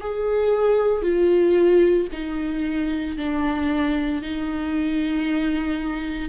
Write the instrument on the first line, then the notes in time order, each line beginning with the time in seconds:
viola
0.00 G#4
1.02 F4
2.12 D#4
3.17 D4
4.22 D#4